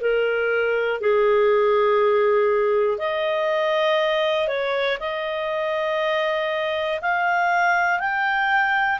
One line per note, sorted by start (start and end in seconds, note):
0.00 1.00 A#4
1.00 2.98 G#4
2.98 4.47 D#5
4.47 4.97 C#5
4.99 6.99 D#5
7.01 7.99 F5
7.99 8.99 G5